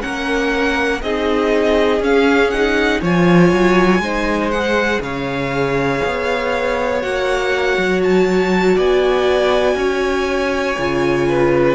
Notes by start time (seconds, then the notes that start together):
0.00 A#3 C#4 A#4 F#5
1.01 C4 D#4 G#4 D#5
2.00 C#4 F5
2.50 D#4 F#5
3.01 F3 F4 C#5 G#5
3.51 F#3
3.99 G#3 D#4 C5
4.50 G#4 F#5
5.00 C#3 C#5 F5
6.05 B3
7.01 A#3 F#4 F#5
7.77 F#3
8.03 A5
8.75 B3 D5 G#5
9.75 C#4 C#5
10.78 C#3 F4
11.28 B4